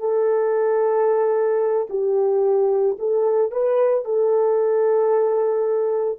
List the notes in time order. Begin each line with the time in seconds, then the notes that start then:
0.00 A4
1.90 G4
2.99 A4
3.52 B4
4.05 A4